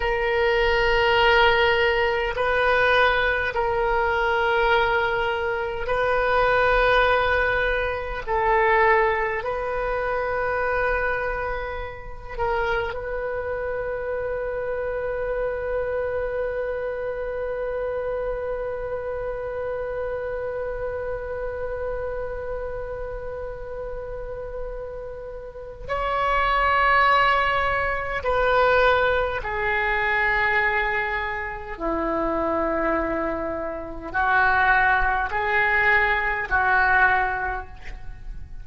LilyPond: \new Staff \with { instrumentName = "oboe" } { \time 4/4 \tempo 4 = 51 ais'2 b'4 ais'4~ | ais'4 b'2 a'4 | b'2~ b'8 ais'8 b'4~ | b'1~ |
b'1~ | b'2 cis''2 | b'4 gis'2 e'4~ | e'4 fis'4 gis'4 fis'4 | }